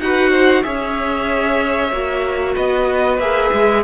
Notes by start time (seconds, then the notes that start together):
0.00 D#4 F#4 B4 F#5
0.31 C5
0.63 C#4 G#4 C#5 E5
1.92 A#3 F#4
2.55 B3 B4 D#5
3.18 A#3 G#4 E5
3.53 G#3